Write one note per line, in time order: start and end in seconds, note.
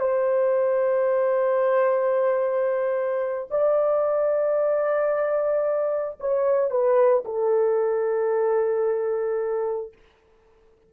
0.00 3.48 C5
3.51 6.19 D5
6.20 6.70 C#5
6.70 7.24 B4
7.25 9.93 A4